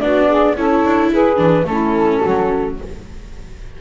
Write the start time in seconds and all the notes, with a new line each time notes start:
0.00 B3 D4 F#4 D5
0.28 G#4
0.56 C#4 E4 A4 C#5
0.85 D4
1.10 E4 G#4 B4
1.36 E3 D4
1.64 A3 C#4 E4 A4
2.20 F#3 F#4